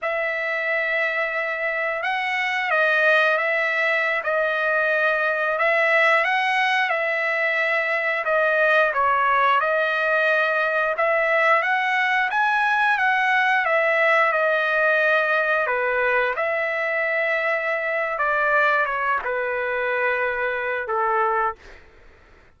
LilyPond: \new Staff \with { instrumentName = "trumpet" } { \time 4/4 \tempo 4 = 89 e''2. fis''4 | dis''4 e''4~ e''16 dis''4.~ dis''16~ | dis''16 e''4 fis''4 e''4.~ e''16~ | e''16 dis''4 cis''4 dis''4.~ dis''16~ |
dis''16 e''4 fis''4 gis''4 fis''8.~ | fis''16 e''4 dis''2 b'8.~ | b'16 e''2~ e''8. d''4 | cis''8 b'2~ b'8 a'4 | }